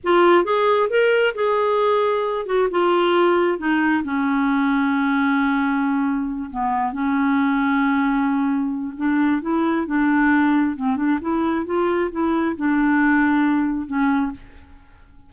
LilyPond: \new Staff \with { instrumentName = "clarinet" } { \time 4/4 \tempo 4 = 134 f'4 gis'4 ais'4 gis'4~ | gis'4. fis'8 f'2 | dis'4 cis'2.~ | cis'2~ cis'8 b4 cis'8~ |
cis'1 | d'4 e'4 d'2 | c'8 d'8 e'4 f'4 e'4 | d'2. cis'4 | }